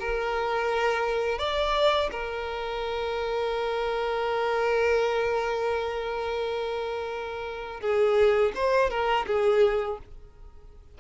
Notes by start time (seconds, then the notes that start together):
0.00 A#4
1.39 D5
2.12 A#4
7.81 G#4
8.55 C5
8.90 A#4
9.27 G#4